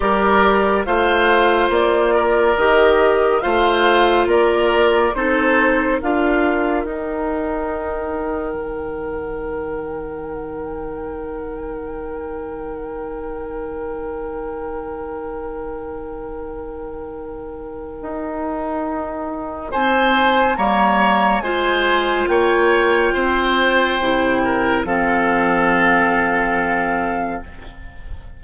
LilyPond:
<<
  \new Staff \with { instrumentName = "flute" } { \time 4/4 \tempo 4 = 70 d''4 f''4 d''4 dis''4 | f''4 d''4 c''4 f''4 | g''1~ | g''1~ |
g''1~ | g''2. gis''4 | ais''4 gis''4 g''2~ | g''4 f''2. | }
  \new Staff \with { instrumentName = "oboe" } { \time 4/4 ais'4 c''4. ais'4. | c''4 ais'4 a'4 ais'4~ | ais'1~ | ais'1~ |
ais'1~ | ais'2. c''4 | cis''4 c''4 cis''4 c''4~ | c''8 ais'8 a'2. | }
  \new Staff \with { instrumentName = "clarinet" } { \time 4/4 g'4 f'2 g'4 | f'2 dis'4 f'4 | dis'1~ | dis'1~ |
dis'1~ | dis'1 | ais4 f'2. | e'4 c'2. | }
  \new Staff \with { instrumentName = "bassoon" } { \time 4/4 g4 a4 ais4 dis4 | a4 ais4 c'4 d'4 | dis'2 dis2~ | dis1~ |
dis1~ | dis4 dis'2 c'4 | g4 gis4 ais4 c'4 | c4 f2. | }
>>